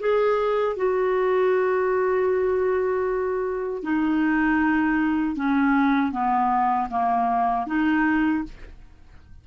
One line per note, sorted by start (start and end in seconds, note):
0.00 0.76 G#4
0.76 3.83 F#4
3.83 5.36 D#4
5.36 6.12 C#4
6.12 6.89 B3
6.90 7.67 A#3
7.67 8.44 D#4